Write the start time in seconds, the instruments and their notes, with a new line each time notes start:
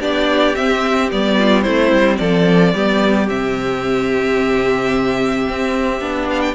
0.00 cello B3, viola D4, violin G4 D5
0.55 viola C4, cello C4, violin E5
1.11 cello G3, viola B3, violin D5
1.38 violin F4
1.62 cello A3, viola C4, violin E4 C5
1.91 cello G3
2.18 cello F3, violin A4 D5
2.74 cello G3, viola B3, violin G4
3.28 cello C3, viola C4, violin E5
5.49 cello C4
6.01 cello B3, viola D4
6.30 violin F5
6.41 violin G5